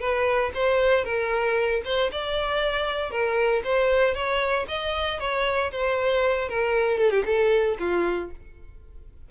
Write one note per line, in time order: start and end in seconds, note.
0.00 0.52 B4
0.54 1.05 C5
1.05 1.82 A#4
1.85 2.11 C5
2.12 3.11 D5
3.11 3.63 A#4
3.64 4.14 C5
4.14 4.66 C#5
4.68 5.20 D#5
5.20 5.72 C#5
5.72 6.49 C5
6.49 6.98 A#4
6.98 7.11 A4
7.11 7.23 G4
7.26 7.78 A4
7.79 8.31 F4